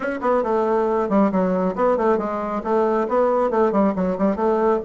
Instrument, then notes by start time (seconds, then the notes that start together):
bassoon
0.00 C#4
0.21 B3
0.43 A3
1.09 G3
1.31 F#3
1.75 B3
1.97 A3
2.18 G#3
2.63 A3
3.08 B3
3.50 A3
3.71 G3
3.95 F#3
4.18 G3
4.35 A3